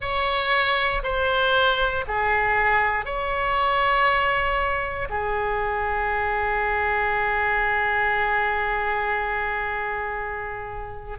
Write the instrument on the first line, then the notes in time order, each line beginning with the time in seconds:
oboe
0.00 C#5
1.03 C5
2.07 G#4
3.05 C#5
5.09 G#4